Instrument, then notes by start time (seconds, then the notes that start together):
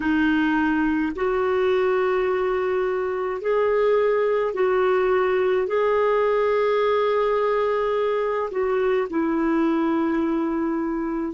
clarinet
0.00 D#4
1.15 F#4
3.41 G#4
4.54 F#4
5.67 G#4
8.51 F#4
9.09 E4